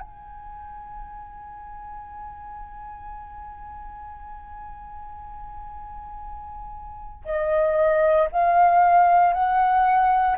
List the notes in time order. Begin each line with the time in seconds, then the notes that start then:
0.00 G#5
7.25 D#5
8.32 F5
9.33 F#5